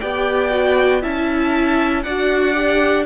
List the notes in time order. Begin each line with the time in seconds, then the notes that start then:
0.00 B3 G4 D5 G5
0.51 F#4
1.02 C#4 E4 E5 A5
2.03 D4 F#4 D5 F#5
2.54 G4